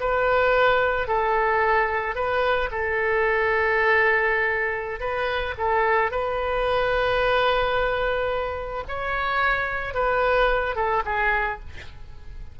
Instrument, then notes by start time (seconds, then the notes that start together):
oboe
0.00 B4
1.08 A4
2.15 B4
2.71 A4
5.00 B4
5.58 A4
6.11 B4
8.88 C#5
9.94 B4
10.76 A4
11.05 G#4